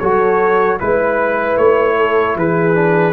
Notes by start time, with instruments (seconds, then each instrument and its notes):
0.00 tuba F#3, trombone F#4, horn A4, trumpet C#5
0.80 tuba G#3, trombone E4, trumpet B4, horn B4
1.58 tuba A3, trumpet C#5
1.97 horn A4
2.36 tuba E3, horn G#4, trumpet B4
2.75 trombone D4